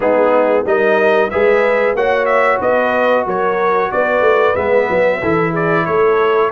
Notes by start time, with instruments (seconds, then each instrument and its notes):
0.00 tuba G#3, trombone B3, horn D#4, trumpet G#4
0.65 tuba G3, trombone D#4, horn A#4, trumpet D#5
1.30 tuba G#3, trombone G#4, horn B4, trumpet E5
1.93 tuba A#3, trombone F#4, horn C#5, trumpet F#5
2.25 trumpet E5
2.59 tuba B3, horn B4, trumpet D#5
3.26 tuba F#3, horn A#4, trumpet C#5
3.91 tuba B3, horn B4, trumpet D5
4.20 tuba A3
4.55 tuba G#3, trombone B3, trumpet E5
4.89 tuba F#3
5.20 tuba E3, trombone E4, horn A4
5.51 horn G#4, trumpet D5
5.85 tuba A3, horn A4, trumpet C#5